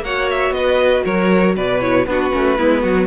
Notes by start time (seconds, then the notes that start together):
0.00 A#3 F#4 C#5 F#5
0.30 E5
0.50 B3 D#5
0.57 B4
1.04 F#3 A#4 C#5
1.56 B2 B4 D5
1.81 E4 C#5
2.06 B3 D4 F#4 B4
2.31 A3 C#4
2.58 G#3 B3 E4
2.81 F#3 F#4